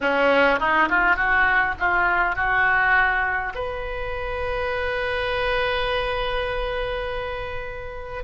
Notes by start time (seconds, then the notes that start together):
0.01 C#4
0.59 D#4
0.89 F4
1.16 F#4
1.79 F4
2.35 F#4
3.54 B4